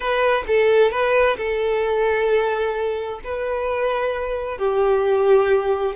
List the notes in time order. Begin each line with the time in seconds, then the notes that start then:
0.00 B4
0.47 A4
0.91 B4
1.37 A4
3.24 B4
4.58 G4